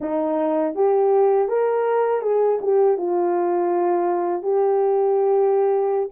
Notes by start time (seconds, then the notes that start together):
0.00 D#4
0.74 G4
1.48 A#4
2.21 G#4
2.61 G4
2.97 F4
4.42 G4